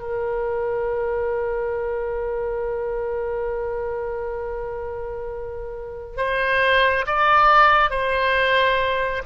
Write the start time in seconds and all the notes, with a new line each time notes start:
0.00 A#4
6.18 C5
7.07 D5
7.91 C5